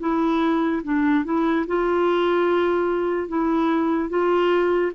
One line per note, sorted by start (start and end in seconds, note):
0.00 0.82 E4
0.83 1.24 D4
1.25 1.66 E4
1.67 3.28 F4
3.28 4.09 E4
4.09 4.92 F4